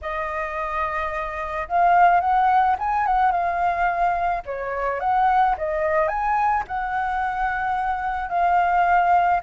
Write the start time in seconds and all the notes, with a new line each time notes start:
0.01 D#5
1.68 F5
2.20 F#5
2.79 G#5
3.06 F#5
3.31 F5
4.45 C#5
4.99 F#5
5.57 D#5
6.08 G#5
6.67 F#5
8.29 F5